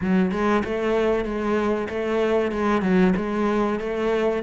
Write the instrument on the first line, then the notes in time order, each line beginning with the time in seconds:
cello
0.01 F#3
0.31 G#3
0.64 A3
1.25 G#3
1.89 A3
2.51 G#3
2.81 F#3
3.16 G#3
3.79 A3